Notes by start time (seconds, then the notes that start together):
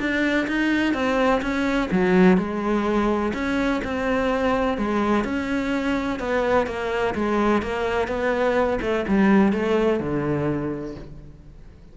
0.00 D4
0.48 D#4
0.94 C4
1.42 C#4
1.92 F#3
2.38 G#3
3.34 C#4
3.85 C4
4.78 G#3
5.25 C#4
6.20 B3
6.67 A#3
7.15 G#3
7.63 A#3
8.08 B3
8.82 A3
9.08 G3
9.53 A3
10.00 D3